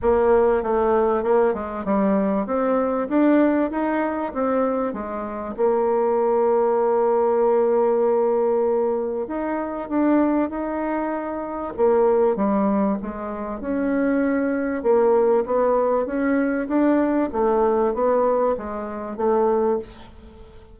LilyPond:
\new Staff \with { instrumentName = "bassoon" } { \time 4/4 \tempo 4 = 97 ais4 a4 ais8 gis8 g4 | c'4 d'4 dis'4 c'4 | gis4 ais2.~ | ais2. dis'4 |
d'4 dis'2 ais4 | g4 gis4 cis'2 | ais4 b4 cis'4 d'4 | a4 b4 gis4 a4 | }